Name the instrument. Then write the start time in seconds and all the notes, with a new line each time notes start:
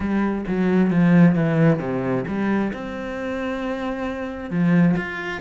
cello
0.00 G3
0.47 F#3
0.90 F3
1.35 E3
1.79 C3
2.27 G3
2.73 C4
4.50 F3
4.96 F4